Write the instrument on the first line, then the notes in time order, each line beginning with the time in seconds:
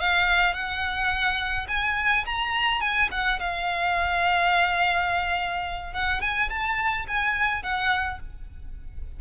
violin
0.00 F5
0.53 F#5
1.68 G#5
2.25 A#5
2.80 G#5
3.11 F#5
3.39 F5
5.93 F#5
6.21 G#5
6.49 A5
7.07 G#5
7.63 F#5